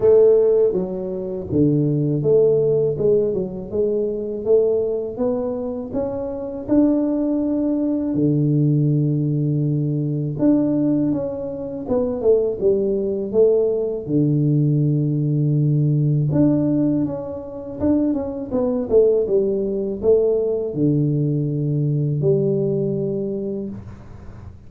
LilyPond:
\new Staff \with { instrumentName = "tuba" } { \time 4/4 \tempo 4 = 81 a4 fis4 d4 a4 | gis8 fis8 gis4 a4 b4 | cis'4 d'2 d4~ | d2 d'4 cis'4 |
b8 a8 g4 a4 d4~ | d2 d'4 cis'4 | d'8 cis'8 b8 a8 g4 a4 | d2 g2 | }